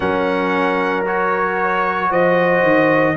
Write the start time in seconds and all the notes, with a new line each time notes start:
0.00 F#3 C#4 A#4 F#5
1.05 F#4 C#5
2.10 F3 C5 D#5
2.62 D#3